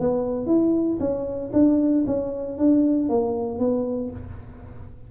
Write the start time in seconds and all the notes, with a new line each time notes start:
0.00 B3
0.47 E4
1.00 C#4
1.53 D4
2.07 C#4
2.58 D4
3.09 A#3
3.59 B3